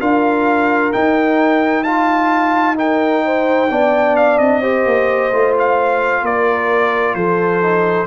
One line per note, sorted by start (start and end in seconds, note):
0.00 0.93 D4
0.00 0.93 F4
0.00 1.84 A#4
0.00 0.92 F5
0.93 1.85 D#4
0.93 3.71 D#4
0.93 1.83 G5
1.83 2.75 F4
1.83 2.76 F5
1.83 2.76 A5
2.75 3.67 D#4
2.75 3.24 A#4
2.75 4.16 G5
3.25 3.71 C5
3.71 4.39 B3
3.71 4.62 D4
3.71 4.61 D5
4.16 4.38 F5
4.38 4.85 C4
4.38 5.54 D#5
4.61 5.31 G4
4.61 6.23 C5
4.86 5.31 A#3
5.31 6.22 A3
5.31 7.62 F4
5.59 6.25 F5
6.22 7.14 A#3
6.22 7.16 A#4
6.22 7.15 D5
7.14 8.07 F3
7.14 8.07 A4
7.14 8.07 C5
7.62 8.07 D#4